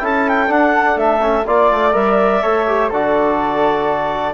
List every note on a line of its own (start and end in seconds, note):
0.00 0.50 C#4
0.00 0.48 E4
0.00 1.47 A4
0.00 0.29 A5
0.29 0.52 G5
0.48 1.20 D4
0.48 0.96 D4
0.48 0.98 F#5
0.96 1.44 A3
0.96 1.46 E5
1.22 1.46 C#4
1.47 1.72 A#3
1.47 1.92 F4
1.47 2.43 D5
1.47 1.94 D5
1.72 1.95 A3
1.92 2.43 G3
1.92 2.40 A#4
1.92 2.90 E5
2.43 2.91 A3
2.43 2.67 A4
2.43 2.90 C#5
2.68 2.92 G4
2.90 4.34 D3
2.90 4.34 F#4
2.90 4.34 A4
2.90 4.34 D5